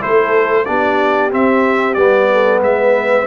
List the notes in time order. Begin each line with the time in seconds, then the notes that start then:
0.00 A3 E4 A4 C5
0.65 B3 D4 G4 D5
1.30 C4 E5
1.93 G3 B3 D5
2.32 A4
2.61 G#3 B4 E5